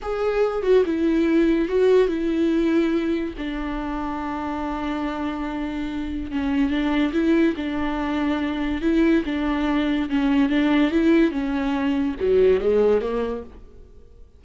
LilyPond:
\new Staff \with { instrumentName = "viola" } { \time 4/4 \tempo 4 = 143 gis'4. fis'8 e'2 | fis'4 e'2. | d'1~ | d'2. cis'4 |
d'4 e'4 d'2~ | d'4 e'4 d'2 | cis'4 d'4 e'4 cis'4~ | cis'4 fis4 gis4 ais4 | }